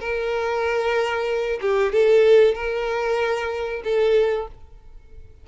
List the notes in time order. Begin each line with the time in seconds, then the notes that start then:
0.00 A#4
1.61 G4
1.93 A4
2.55 A#4
3.84 A4